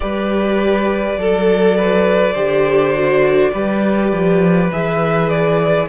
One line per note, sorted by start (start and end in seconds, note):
0.00 1.16 G3
0.00 1.17 G4
0.00 1.19 B4
0.00 4.70 D5
1.16 2.34 F#3
1.16 2.35 A4
1.16 1.77 A4
1.77 2.33 B4
2.33 3.52 D3
2.33 2.93 G4
2.33 3.50 C5
2.93 3.52 F#4
3.52 4.12 G3
3.52 4.70 G4
3.52 5.87 B4
4.12 4.70 F3
4.72 5.88 E3
4.72 5.88 G#4
4.72 5.29 E5
5.29 5.88 D5